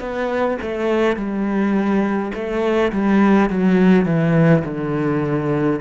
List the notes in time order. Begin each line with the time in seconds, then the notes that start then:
0.00 B3
0.62 A3
1.16 G3
2.34 A3
2.92 G3
3.50 F#3
4.05 E3
4.65 D3